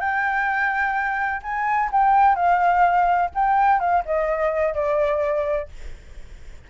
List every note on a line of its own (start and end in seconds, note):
0.00 1.42 G5
1.43 1.90 G#5
1.92 2.35 G5
2.35 3.30 F5
3.35 3.80 G5
3.80 4.04 F5
4.06 4.74 D#5
4.74 5.69 D5